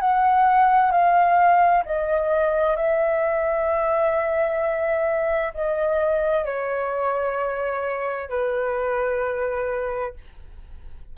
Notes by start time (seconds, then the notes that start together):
0.00 F#5
0.91 F5
1.85 D#5
2.76 E5
5.53 D#5
6.44 C#5
8.29 B4